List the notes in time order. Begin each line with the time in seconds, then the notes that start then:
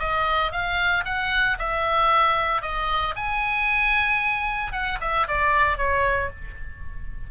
0.00 D#5
0.52 F5
1.06 F#5
1.59 E5
2.62 D#5
3.16 G#5
4.73 F#5
5.01 E5
5.28 D5
5.78 C#5